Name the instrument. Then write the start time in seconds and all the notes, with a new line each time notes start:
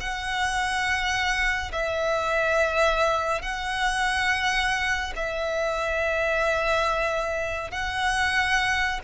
violin
0.00 F#5
1.72 E5
3.42 F#5
5.15 E5
7.71 F#5